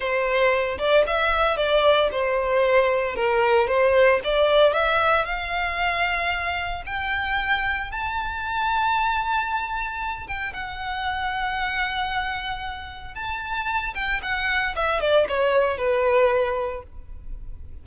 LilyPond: \new Staff \with { instrumentName = "violin" } { \time 4/4 \tempo 4 = 114 c''4. d''8 e''4 d''4 | c''2 ais'4 c''4 | d''4 e''4 f''2~ | f''4 g''2 a''4~ |
a''2.~ a''8 g''8 | fis''1~ | fis''4 a''4. g''8 fis''4 | e''8 d''8 cis''4 b'2 | }